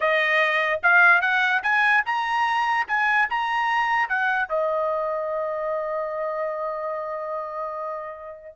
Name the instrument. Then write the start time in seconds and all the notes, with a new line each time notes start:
trumpet
0.00 D#5
0.82 F5
1.21 F#5
1.63 G#5
2.05 A#5
2.87 G#5
3.29 A#5
4.08 F#5
4.48 D#5